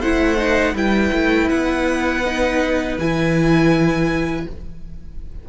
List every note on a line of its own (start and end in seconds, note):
0.00 0.73 A3
0.00 0.37 E4
0.00 0.74 C5
0.00 0.76 F#5
0.37 0.74 D#4
0.73 1.10 G3
0.73 2.24 E4
0.73 4.45 B4
0.73 1.49 G5
1.13 1.50 A3
1.49 2.98 B3
1.49 2.97 F#5
2.25 2.99 D#4
2.98 4.46 E3
2.98 4.49 E4
2.98 4.47 G#5